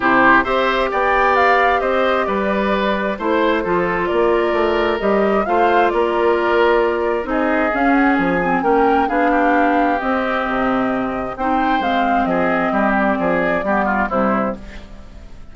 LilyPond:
<<
  \new Staff \with { instrumentName = "flute" } { \time 4/4 \tempo 4 = 132 c''4 e''4 g''4 f''4 | dis''4 d''2 c''4~ | c''4 d''2 dis''4 | f''4 d''2. |
dis''4 f''8 fis''8 gis''4 g''4 | f''2 dis''2~ | dis''4 g''4 f''4 dis''4~ | dis''8 d''2~ d''8 c''4 | }
  \new Staff \with { instrumentName = "oboe" } { \time 4/4 g'4 c''4 d''2 | c''4 b'2 c''4 | a'4 ais'2. | c''4 ais'2. |
gis'2. ais'4 | gis'8 g'2.~ g'8~ | g'4 c''2 gis'4 | g'4 gis'4 g'8 f'8 e'4 | }
  \new Staff \with { instrumentName = "clarinet" } { \time 4/4 e'4 g'2.~ | g'2. e'4 | f'2. g'4 | f'1 |
dis'4 cis'4. c'8 cis'4 | d'2 c'2~ | c'4 dis'4 c'2~ | c'2 b4 g4 | }
  \new Staff \with { instrumentName = "bassoon" } { \time 4/4 c4 c'4 b2 | c'4 g2 a4 | f4 ais4 a4 g4 | a4 ais2. |
c'4 cis'4 f4 ais4 | b2 c'4 c4~ | c4 c'4 gis4 f4 | g4 f4 g4 c4 | }
>>